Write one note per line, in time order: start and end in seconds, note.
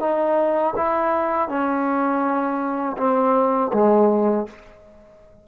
0.00 0.74 D#4
0.77 1.49 E4
1.49 2.97 C#4
2.98 3.72 C4
3.73 4.47 G#3